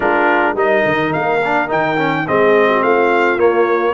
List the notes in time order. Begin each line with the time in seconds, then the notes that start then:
0.00 G#3 D4 F4 A#4
0.54 G3 D#4 A#4 D#5
0.85 D#3
1.12 A#3 F5
1.44 D4
1.68 D#3 D#4 G5
1.97 C#4
2.27 G#3 C4 G#4 D#5
2.68 F#4
2.82 A3 F4 F5
3.36 A#3 C#5